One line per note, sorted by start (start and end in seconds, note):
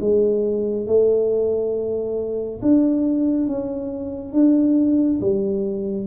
0.00 0.87 G#3
0.87 2.60 A3
2.61 3.47 D4
3.47 4.32 C#4
4.32 5.19 D4
5.21 6.07 G3